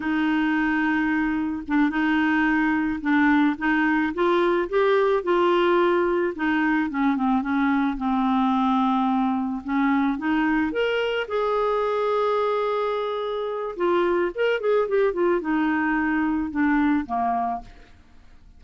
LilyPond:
\new Staff \with { instrumentName = "clarinet" } { \time 4/4 \tempo 4 = 109 dis'2. d'8 dis'8~ | dis'4. d'4 dis'4 f'8~ | f'8 g'4 f'2 dis'8~ | dis'8 cis'8 c'8 cis'4 c'4.~ |
c'4. cis'4 dis'4 ais'8~ | ais'8 gis'2.~ gis'8~ | gis'4 f'4 ais'8 gis'8 g'8 f'8 | dis'2 d'4 ais4 | }